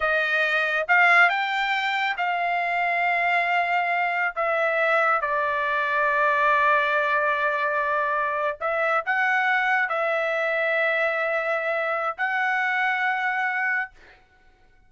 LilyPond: \new Staff \with { instrumentName = "trumpet" } { \time 4/4 \tempo 4 = 138 dis''2 f''4 g''4~ | g''4 f''2.~ | f''2 e''2 | d''1~ |
d''2.~ d''8. e''16~ | e''8. fis''2 e''4~ e''16~ | e''1 | fis''1 | }